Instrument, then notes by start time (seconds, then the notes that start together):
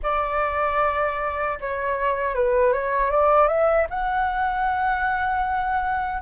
flute
0.02 D5
1.60 C#5
2.34 B4
2.72 C#5
3.10 D5
3.47 E5
3.90 F#5